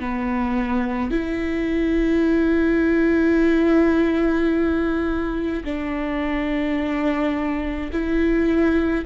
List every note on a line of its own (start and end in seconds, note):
0.00 1.11 B3
1.11 5.64 E4
5.64 7.91 D4
7.92 9.06 E4